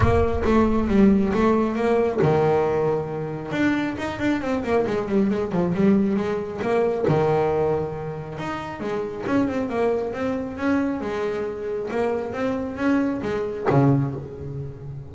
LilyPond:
\new Staff \with { instrumentName = "double bass" } { \time 4/4 \tempo 4 = 136 ais4 a4 g4 a4 | ais4 dis2. | d'4 dis'8 d'8 c'8 ais8 gis8 g8 | gis8 f8 g4 gis4 ais4 |
dis2. dis'4 | gis4 cis'8 c'8 ais4 c'4 | cis'4 gis2 ais4 | c'4 cis'4 gis4 cis4 | }